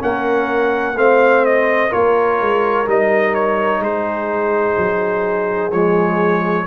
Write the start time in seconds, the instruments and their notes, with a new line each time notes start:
0.00 tuba A#3, trombone C#4, horn A#4, trumpet F#5
0.95 tuba A3, trombone C4, horn C5, trumpet F5
1.46 trumpet D#5
1.90 tuba A#3, trombone F4, horn A#4, trumpet C#5
2.41 tuba G#3
2.86 tuba G3, trombone D#4, trumpet D#5
3.35 trumpet C#5
3.80 tuba G#3, horn G#4, trumpet C5
4.78 tuba F#3
5.72 tuba F3, trombone G#3, trumpet C#5